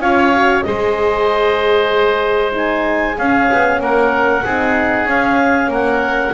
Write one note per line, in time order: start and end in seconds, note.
0.00 0.63 C#4
0.00 0.33 F4
0.00 0.64 C#5
0.00 0.63 F5
0.34 0.64 F#4
0.63 3.19 G#3
0.63 2.52 G#4
0.63 3.17 C5
0.63 2.52 D#5
2.52 3.15 D#4
2.52 3.18 G#5
3.17 4.45 C#4
3.17 3.50 C#4
3.17 3.80 G#4
3.17 3.81 F5
3.52 3.80 B3
3.80 4.43 A#3
3.80 4.45 A#4
3.80 5.09 F#5
4.45 5.05 C4
4.45 5.08 D#4
4.45 5.71 G#4
5.05 5.68 C#4
5.05 6.34 C#4
5.05 5.72 F5
5.68 6.31 A#3
5.68 6.34 A#4
5.68 6.34 F#5